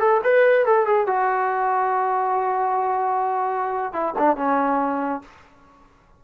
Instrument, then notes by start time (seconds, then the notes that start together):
trombone
0.00 A4
0.23 B4
0.65 A4
0.86 G#4
1.07 F#4
3.93 E4
4.19 D4
4.36 C#4